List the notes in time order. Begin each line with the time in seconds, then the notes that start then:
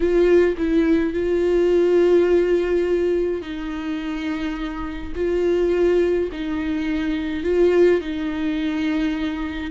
0.00 F4
0.57 E4
1.13 F4
3.41 D#4
5.15 F4
6.32 D#4
7.43 F4
8.01 D#4